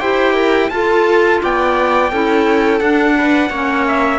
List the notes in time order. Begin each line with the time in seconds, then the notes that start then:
0.00 E4 G4 C5 G5
0.34 A#4
0.70 F4 A4 A5
1.43 B3 D5 G5
2.11 C#4 E4 A4
2.80 D4 F#5
3.18 B4
3.50 A#3 C#4 C#5
3.88 E5